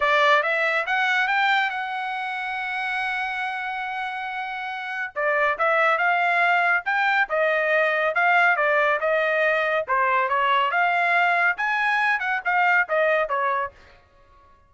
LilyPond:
\new Staff \with { instrumentName = "trumpet" } { \time 4/4 \tempo 4 = 140 d''4 e''4 fis''4 g''4 | fis''1~ | fis''1 | d''4 e''4 f''2 |
g''4 dis''2 f''4 | d''4 dis''2 c''4 | cis''4 f''2 gis''4~ | gis''8 fis''8 f''4 dis''4 cis''4 | }